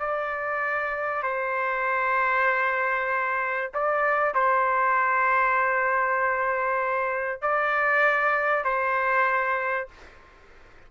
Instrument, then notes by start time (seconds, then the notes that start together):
trumpet
0.00 D5
1.23 C5
3.74 D5
4.34 C5
7.42 D5
8.65 C5